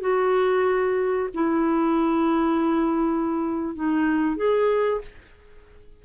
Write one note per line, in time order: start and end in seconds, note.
0.00 1.29 F#4
1.34 3.75 E4
3.75 4.36 D#4
4.36 5.01 G#4